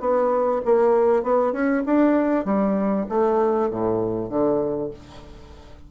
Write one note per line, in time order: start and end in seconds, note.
0.00 0.61 B3
0.65 1.23 A#3
1.23 1.52 B3
1.52 1.83 C#4
1.86 2.45 D4
2.45 3.06 G3
3.09 3.70 A3
3.70 4.29 A2
4.29 4.90 D3